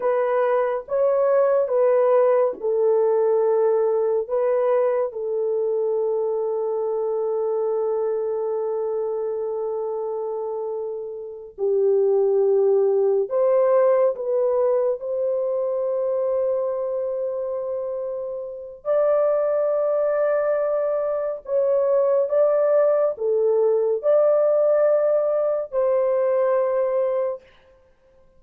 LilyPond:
\new Staff \with { instrumentName = "horn" } { \time 4/4 \tempo 4 = 70 b'4 cis''4 b'4 a'4~ | a'4 b'4 a'2~ | a'1~ | a'4. g'2 c''8~ |
c''8 b'4 c''2~ c''8~ | c''2 d''2~ | d''4 cis''4 d''4 a'4 | d''2 c''2 | }